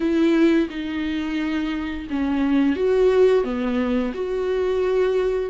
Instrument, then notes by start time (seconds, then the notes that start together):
viola
0.00 E4
0.69 D#4
2.10 C#4
2.76 F#4
3.44 B3
4.14 F#4